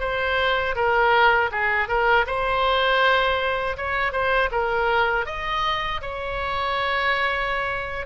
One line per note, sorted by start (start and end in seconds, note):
0.00 0.75 C5
0.75 1.50 A#4
1.51 1.88 G#4
1.88 2.26 A#4
2.27 3.77 C5
3.77 4.12 C#5
4.12 4.50 C5
4.51 5.26 A#4
5.26 6.01 D#5
6.01 8.06 C#5